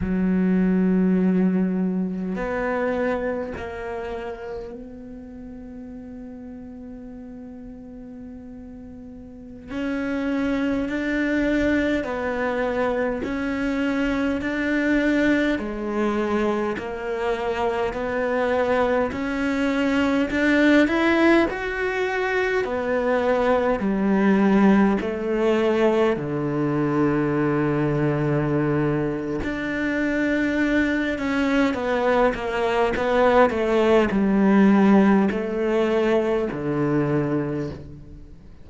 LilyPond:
\new Staff \with { instrumentName = "cello" } { \time 4/4 \tempo 4 = 51 fis2 b4 ais4 | b1~ | b16 cis'4 d'4 b4 cis'8.~ | cis'16 d'4 gis4 ais4 b8.~ |
b16 cis'4 d'8 e'8 fis'4 b8.~ | b16 g4 a4 d4.~ d16~ | d4 d'4. cis'8 b8 ais8 | b8 a8 g4 a4 d4 | }